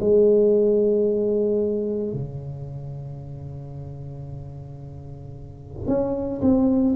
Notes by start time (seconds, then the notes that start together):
0.00 G#3
2.13 C#3
5.87 C#4
6.41 C4